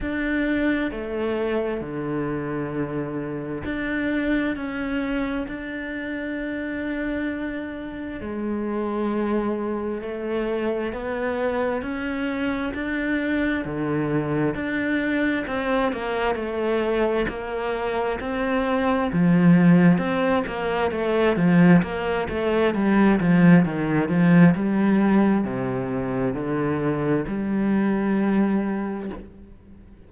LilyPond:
\new Staff \with { instrumentName = "cello" } { \time 4/4 \tempo 4 = 66 d'4 a4 d2 | d'4 cis'4 d'2~ | d'4 gis2 a4 | b4 cis'4 d'4 d4 |
d'4 c'8 ais8 a4 ais4 | c'4 f4 c'8 ais8 a8 f8 | ais8 a8 g8 f8 dis8 f8 g4 | c4 d4 g2 | }